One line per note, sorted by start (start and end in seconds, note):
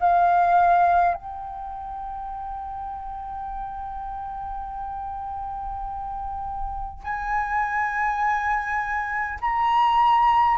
0.00 1.14 F5
1.14 7.03 G5
7.04 9.39 G#5
9.41 10.57 A#5